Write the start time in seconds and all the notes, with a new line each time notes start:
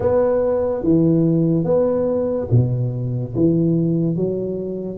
0.00 B3
0.83 E3
1.64 B3
2.50 B2
3.35 E3
4.16 F#3